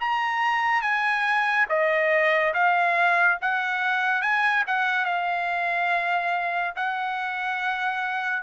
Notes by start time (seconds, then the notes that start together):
0.00 A#5
0.81 G#5
1.69 D#5
2.54 F5
3.41 F#5
4.21 G#5
4.67 F#5
5.05 F5
6.76 F#5